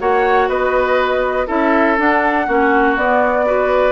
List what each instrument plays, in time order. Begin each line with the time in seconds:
0.00 bassoon A#3, clarinet F#4, oboe C#5, flute F#5
0.49 bassoon B3, oboe B4, flute D#5
1.47 bassoon C#4, clarinet E4, oboe A4, flute E5
1.99 clarinet D4, bassoon D4, flute F#5
2.47 bassoon A#3, clarinet C#4, oboe F#4
2.97 bassoon B3, clarinet B3, flute D5
3.46 clarinet F#4, oboe B4